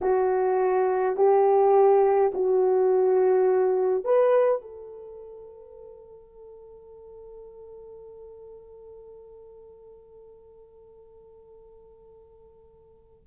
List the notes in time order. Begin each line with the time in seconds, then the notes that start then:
0.01 F#4
1.16 G4
2.34 F#4
4.04 B4
4.62 A4